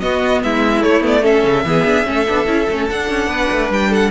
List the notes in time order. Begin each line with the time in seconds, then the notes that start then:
0.00 B3 F#4 D#5
0.43 G#3 E4 E5
0.81 A3 C#5
1.01 B3
1.07 D5
1.22 C#4 A4 E5
1.44 C#3
1.64 E3 B3 G#4
1.85 D4
2.04 A3 C#4 A4
2.28 B3 D4
2.46 C#4 E4
2.70 A3 C#4
2.89 D4 F#5
3.10 C#4
3.27 B3 B4
3.51 A3
3.70 G3 G5
3.90 A4 F#5